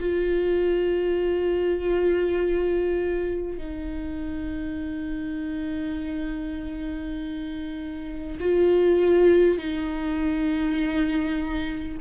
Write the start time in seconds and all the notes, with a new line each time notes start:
0.00 F4
3.58 D#4
8.41 F4
9.58 D#4